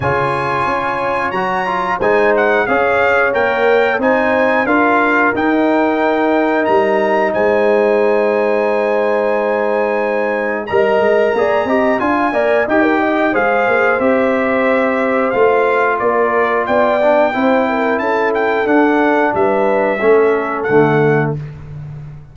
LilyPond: <<
  \new Staff \with { instrumentName = "trumpet" } { \time 4/4 \tempo 4 = 90 gis''2 ais''4 gis''8 fis''8 | f''4 g''4 gis''4 f''4 | g''2 ais''4 gis''4~ | gis''1 |
ais''2 gis''4 g''4 | f''4 e''2 f''4 | d''4 g''2 a''8 g''8 | fis''4 e''2 fis''4 | }
  \new Staff \with { instrumentName = "horn" } { \time 4/4 cis''2. c''4 | cis''2 c''4 ais'4~ | ais'2. c''4~ | c''1 |
dis''4 d''8 dis''8 f''8 d''8 dis''16 ais'16 dis''8 | c''1 | ais'4 d''4 c''8 ais'8 a'4~ | a'4 b'4 a'2 | }
  \new Staff \with { instrumentName = "trombone" } { \time 4/4 f'2 fis'8 f'8 dis'4 | gis'4 ais'4 dis'4 f'4 | dis'1~ | dis'1 |
ais'4 gis'8 g'8 f'8 ais'8 g'4 | gis'4 g'2 f'4~ | f'4. d'8 e'2 | d'2 cis'4 a4 | }
  \new Staff \with { instrumentName = "tuba" } { \time 4/4 cis4 cis'4 fis4 gis4 | cis'4 ais4 c'4 d'4 | dis'2 g4 gis4~ | gis1 |
g8 gis8 ais8 c'8 d'8 ais8 dis'4 | gis8 ais8 c'2 a4 | ais4 b4 c'4 cis'4 | d'4 g4 a4 d4 | }
>>